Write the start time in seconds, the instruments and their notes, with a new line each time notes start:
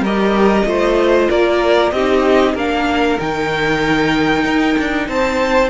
0.00 cello G3, viola G4, violin A#4 D#5
0.66 cello A3, viola F4, violin C5
1.30 cello A#3, violin A#4 D5
1.92 cello C4, viola D#4, violin G4 D#5
2.55 cello A#3, viola D4, violin A#4 F5
3.19 cello D#3, viola D#4, violin G5
4.45 cello D#4
4.79 cello D4
5.09 cello C4, violin C5 A5